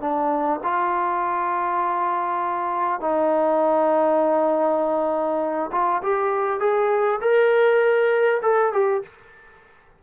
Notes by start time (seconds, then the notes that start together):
0.00 D4
0.63 F4
3.01 D#4
5.72 F4
6.03 G4
6.60 G#4
7.21 A#4
8.42 A4
8.73 G4